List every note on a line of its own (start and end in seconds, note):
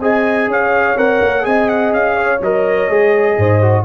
0.00 0.48 C4
0.00 0.98 G#4
0.00 0.49 D#5
0.00 0.51 G#5
0.48 0.96 C#4
0.48 1.47 C#5
0.48 0.98 F5
0.97 1.21 C4
0.97 1.42 A#4
0.97 1.45 F#5
1.22 1.46 A#3
1.42 1.93 C4
1.42 2.38 G#4
1.42 2.16 D#5
1.42 1.69 G#5
1.69 1.93 F#5
1.93 2.41 C#4
1.93 2.42 F5
2.16 3.36 C#5
2.41 2.89 F#3
2.41 2.90 A#4
2.41 3.85 D#5
2.89 3.37 G#3
2.89 3.62 G#4
3.37 3.85 G#2
3.37 3.85 C5
3.62 3.85 F#4